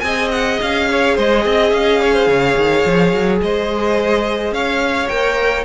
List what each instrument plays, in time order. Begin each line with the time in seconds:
0.00 cello C4, viola G#4, violin D#5 G#5
0.32 violin F#5
0.62 cello C#4, violin F5
0.90 violin C#5
1.15 cello G#3, violin C5 D#5
1.45 cello C4, violin D#5
1.70 cello C#4, violin F5
2.02 violin C#5
2.13 violin C5
2.27 cello C#3, violin C#5
2.57 cello D#3
2.86 cello F3
3.13 cello F#3
3.42 cello G#3, violin C5 D#5
4.52 cello C#4, violin C#5 F5
5.08 cello A#3, viola A#4, violin G5